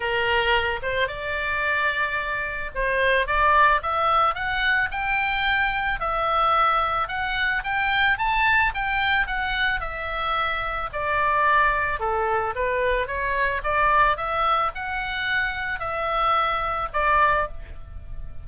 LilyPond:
\new Staff \with { instrumentName = "oboe" } { \time 4/4 \tempo 4 = 110 ais'4. c''8 d''2~ | d''4 c''4 d''4 e''4 | fis''4 g''2 e''4~ | e''4 fis''4 g''4 a''4 |
g''4 fis''4 e''2 | d''2 a'4 b'4 | cis''4 d''4 e''4 fis''4~ | fis''4 e''2 d''4 | }